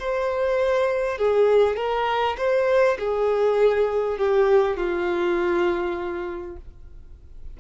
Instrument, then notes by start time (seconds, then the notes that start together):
violin
0.00 C5
1.18 G#4
1.77 A#4
2.38 C5
2.99 G#4
4.19 G4
4.77 F4